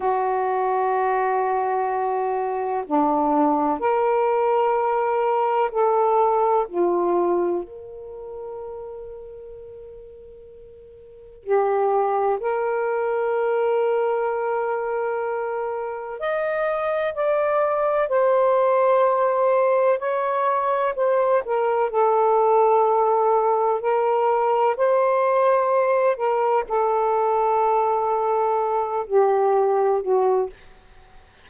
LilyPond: \new Staff \with { instrumentName = "saxophone" } { \time 4/4 \tempo 4 = 63 fis'2. d'4 | ais'2 a'4 f'4 | ais'1 | g'4 ais'2.~ |
ais'4 dis''4 d''4 c''4~ | c''4 cis''4 c''8 ais'8 a'4~ | a'4 ais'4 c''4. ais'8 | a'2~ a'8 g'4 fis'8 | }